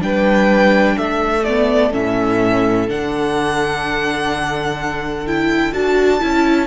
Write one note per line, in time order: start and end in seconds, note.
0.00 0.97 G3
0.00 1.43 D4
0.00 0.96 B4
0.00 0.98 G5
0.96 1.93 A3
0.96 6.67 A4
0.96 1.44 E5
1.44 1.92 B3
1.44 1.92 D5
1.92 2.88 A2
1.92 2.87 C#4
1.92 2.89 E5
2.87 5.74 D3
2.87 5.26 D4
2.87 5.27 F#5
5.27 5.73 E4
5.27 5.73 G5
5.73 6.21 D4
5.73 6.20 F#4
5.73 6.67 A5
6.20 6.67 C#4
6.20 6.67 E4